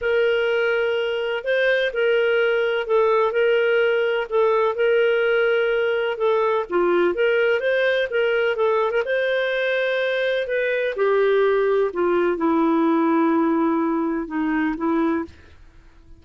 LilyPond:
\new Staff \with { instrumentName = "clarinet" } { \time 4/4 \tempo 4 = 126 ais'2. c''4 | ais'2 a'4 ais'4~ | ais'4 a'4 ais'2~ | ais'4 a'4 f'4 ais'4 |
c''4 ais'4 a'8. ais'16 c''4~ | c''2 b'4 g'4~ | g'4 f'4 e'2~ | e'2 dis'4 e'4 | }